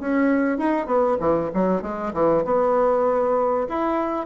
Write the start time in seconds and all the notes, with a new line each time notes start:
0.00 C#4
0.58 D#4
0.87 B3
1.20 E3
1.54 F#3
1.82 G#3
2.14 E3
2.45 B3
3.69 E4